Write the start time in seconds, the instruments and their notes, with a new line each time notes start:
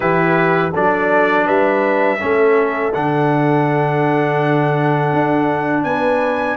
0.00 tuba E3, trombone E4, horn G4, trumpet B4
0.72 tuba F#3, trombone D4, horn A4, trumpet D5
1.45 tuba G3, horn B4, trumpet E5
2.19 tuba A3, trombone C#4, horn A4
2.93 tuba D3, trombone D4, trumpet F#5
5.12 tuba D4
5.83 tuba B3, horn B4, trumpet G#5